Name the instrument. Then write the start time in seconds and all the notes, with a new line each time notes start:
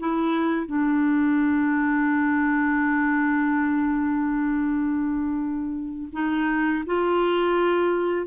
clarinet
0.00 E4
0.67 D4
6.12 D#4
6.86 F4